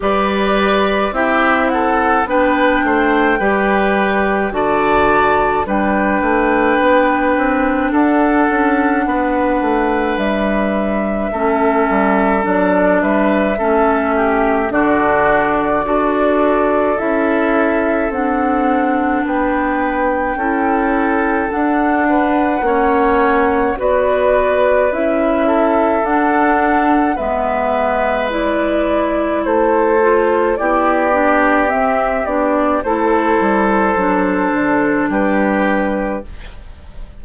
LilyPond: <<
  \new Staff \with { instrumentName = "flute" } { \time 4/4 \tempo 4 = 53 d''4 e''8 fis''8 g''2 | a''4 g''2 fis''4~ | fis''4 e''2 d''8 e''8~ | e''4 d''2 e''4 |
fis''4 g''2 fis''4~ | fis''4 d''4 e''4 fis''4 | e''4 d''4 c''4 d''4 | e''8 d''8 c''2 b'4 | }
  \new Staff \with { instrumentName = "oboe" } { \time 4/4 b'4 g'8 a'8 b'8 c''8 b'4 | d''4 b'2 a'4 | b'2 a'4. b'8 | a'8 g'8 fis'4 a'2~ |
a'4 b'4 a'4. b'8 | cis''4 b'4. a'4. | b'2 a'4 g'4~ | g'4 a'2 g'4 | }
  \new Staff \with { instrumentName = "clarinet" } { \time 4/4 g'4 e'4 d'4 g'4 | fis'4 d'2.~ | d'2 cis'4 d'4 | cis'4 d'4 fis'4 e'4 |
d'2 e'4 d'4 | cis'4 fis'4 e'4 d'4 | b4 e'4. f'8 e'8 d'8 | c'8 d'8 e'4 d'2 | }
  \new Staff \with { instrumentName = "bassoon" } { \time 4/4 g4 c'4 b8 a8 g4 | d4 g8 a8 b8 c'8 d'8 cis'8 | b8 a8 g4 a8 g8 fis8 g8 | a4 d4 d'4 cis'4 |
c'4 b4 cis'4 d'4 | ais4 b4 cis'4 d'4 | gis2 a4 b4 | c'8 b8 a8 g8 fis8 d8 g4 | }
>>